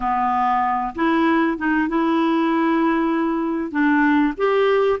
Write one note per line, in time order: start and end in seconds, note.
0.00 0.94 B3
0.95 1.57 E4
1.57 1.88 D#4
1.88 3.71 E4
3.71 4.33 D4
4.37 4.99 G4